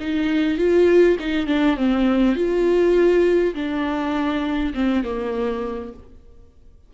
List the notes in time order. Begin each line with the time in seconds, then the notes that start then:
0.00 D#4
0.58 F4
1.20 D#4
1.47 D4
1.77 C4
2.35 F4
3.55 D4
4.74 C4
5.04 A#3